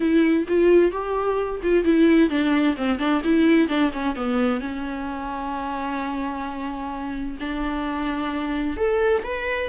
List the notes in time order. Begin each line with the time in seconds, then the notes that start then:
0.00 E4
0.47 F4
0.91 G4
1.62 F4
1.84 E4
2.29 D4
2.77 C4
2.98 D4
3.24 E4
3.68 D4
3.93 C#4
4.15 B3
4.60 C#4
7.40 D4
8.76 A4
9.23 B4